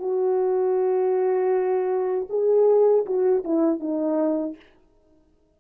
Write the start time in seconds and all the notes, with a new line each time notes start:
0.00 F#4
2.30 G#4
3.06 F#4
3.44 E4
3.80 D#4